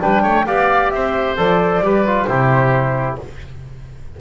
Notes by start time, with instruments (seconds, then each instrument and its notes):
0.00 double bass G3, trombone D4, oboe B4, flute G5
0.23 double bass A3, oboe C#5
0.46 double bass B3, trombone G4, oboe D5, flute F5
0.91 double bass C4, oboe C5, flute E5
1.37 double bass F3, trombone A4, flute D5
1.80 double bass G3, trombone G4, oboe B4
2.06 trombone F4
2.25 double bass C3, trombone E4, oboe G4, flute C5